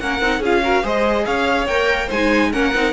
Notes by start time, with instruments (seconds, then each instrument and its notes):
0.00 cello A#3, viola C#4, violin A#4 F#5
0.21 cello C4, viola D#4
0.40 cello C#4, viola F4, violin G#4 F5
0.63 viola F#4, violin A#4
0.83 cello G#3, viola G#4, violin C5 D#5
1.26 cello C#4, violin C#5 F5
1.67 cello A#3, viola A#4, violin G5
2.07 cello G#3, viola D#4, violin C5 G#5
2.53 cello A#3, viola C#4, violin A#4 F#5
2.75 cello C4, viola D#4